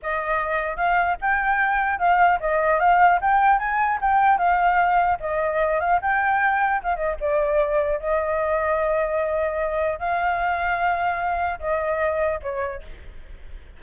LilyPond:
\new Staff \with { instrumentName = "flute" } { \time 4/4 \tempo 4 = 150 dis''2 f''4 g''4~ | g''4 f''4 dis''4 f''4 | g''4 gis''4 g''4 f''4~ | f''4 dis''4. f''8 g''4~ |
g''4 f''8 dis''8 d''2 | dis''1~ | dis''4 f''2.~ | f''4 dis''2 cis''4 | }